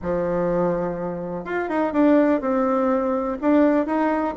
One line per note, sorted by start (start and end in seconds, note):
0.02 1.45 F3
1.45 1.68 F4
1.68 1.92 D#4
1.92 2.40 D4
2.40 3.37 C4
3.41 3.86 D4
3.86 4.34 D#4